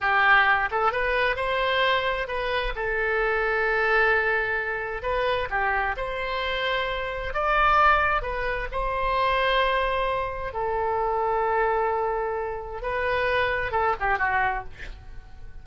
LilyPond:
\new Staff \with { instrumentName = "oboe" } { \time 4/4 \tempo 4 = 131 g'4. a'8 b'4 c''4~ | c''4 b'4 a'2~ | a'2. b'4 | g'4 c''2. |
d''2 b'4 c''4~ | c''2. a'4~ | a'1 | b'2 a'8 g'8 fis'4 | }